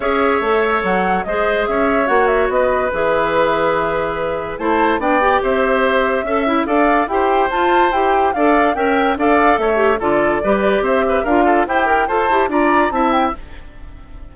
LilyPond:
<<
  \new Staff \with { instrumentName = "flute" } { \time 4/4 \tempo 4 = 144 e''2 fis''4 dis''4 | e''4 fis''8 e''8 dis''4 e''4~ | e''2. a''4 | g''4 e''2. |
f''4 g''4 a''4 g''4 | f''4 g''4 f''4 e''4 | d''2 e''4 f''4 | g''4 a''4 ais''4 a''8 g''8 | }
  \new Staff \with { instrumentName = "oboe" } { \time 4/4 cis''2. c''4 | cis''2 b'2~ | b'2. c''4 | d''4 c''2 e''4 |
d''4 c''2. | d''4 e''4 d''4 cis''4 | a'4 b'4 c''8 b'8 ais'8 a'8 | g'4 c''4 d''4 e''4 | }
  \new Staff \with { instrumentName = "clarinet" } { \time 4/4 gis'4 a'2 gis'4~ | gis'4 fis'2 gis'4~ | gis'2. e'4 | d'8 g'2~ g'8 a'8 e'8 |
a'4 g'4 f'4 g'4 | a'4 ais'4 a'4. g'8 | f'4 g'2 f'4 | c''8 ais'8 a'8 g'8 f'4 e'4 | }
  \new Staff \with { instrumentName = "bassoon" } { \time 4/4 cis'4 a4 fis4 gis4 | cis'4 ais4 b4 e4~ | e2. a4 | b4 c'2 cis'4 |
d'4 e'4 f'4 e'4 | d'4 cis'4 d'4 a4 | d4 g4 c'4 d'4 | e'4 f'8 e'8 d'4 c'4 | }
>>